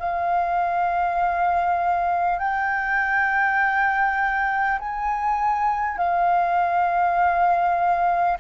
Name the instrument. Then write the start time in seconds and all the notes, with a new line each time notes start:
flute
0.00 F5
2.39 G5
4.79 G#5
5.98 F5